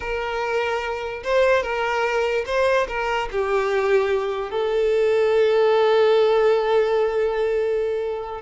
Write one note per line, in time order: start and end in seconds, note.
0.00 1.23 A#4
1.23 1.62 C5
1.62 2.45 A#4
2.46 2.87 C5
2.87 3.29 A#4
3.31 4.51 G4
4.51 8.41 A4